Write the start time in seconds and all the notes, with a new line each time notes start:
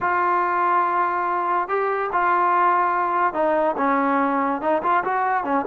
0.00 F4
1.68 G4
2.12 F4
3.33 D#4
3.77 C#4
4.61 D#4
4.82 F4
5.03 F#4
5.44 C#4